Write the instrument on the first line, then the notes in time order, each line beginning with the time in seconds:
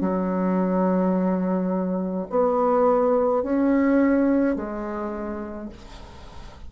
bassoon
0.00 F#3
2.30 B3
3.43 C#4
4.55 G#3